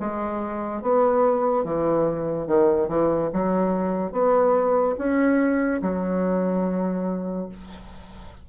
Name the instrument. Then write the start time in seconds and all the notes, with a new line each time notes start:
bassoon
0.00 G#3
0.82 B3
1.64 E3
2.47 D#3
2.89 E3
3.33 F#3
4.12 B3
4.98 C#4
5.82 F#3